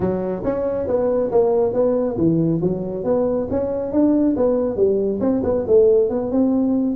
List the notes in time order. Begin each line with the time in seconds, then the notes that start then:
0.00 F#3
0.44 C#4
0.87 B3
1.31 A#3
1.73 B3
2.17 E3
2.61 F#3
3.04 B3
3.50 C#4
3.92 D4
4.36 B3
4.76 G3
5.20 C4
5.43 B3
5.67 A3
6.09 B3
6.31 C4